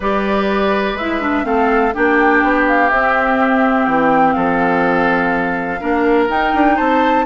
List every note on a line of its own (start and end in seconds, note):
0.00 0.94 G3
0.00 0.98 G4
0.00 1.45 B4
0.00 0.97 D5
0.94 1.42 G#3
0.94 1.20 E4
0.94 1.45 E5
1.20 1.43 D4
1.43 1.93 A3
1.43 1.92 C4
1.43 1.94 A4
1.43 1.93 F5
1.94 2.43 A#3
1.94 2.90 D4
1.94 4.35 G4
1.94 2.66 G5
2.43 2.91 B3
2.67 2.89 F5
2.89 5.80 C4
2.89 3.86 C4
2.89 3.86 E5
3.86 4.35 E3
3.86 4.32 G5
4.32 5.81 F3
4.32 5.80 A4
4.32 6.26 F5
5.80 6.28 A#3
5.80 6.28 D4
5.80 6.76 A#4
6.28 6.53 D#4
6.28 7.25 D#4
6.28 6.77 G5
6.54 6.78 D4
6.76 7.25 C4
6.76 7.24 C5
6.76 7.25 A5